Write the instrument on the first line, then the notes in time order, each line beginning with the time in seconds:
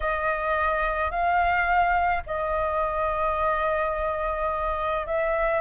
flute
0.00 D#5
1.10 F5
2.26 D#5
5.06 E5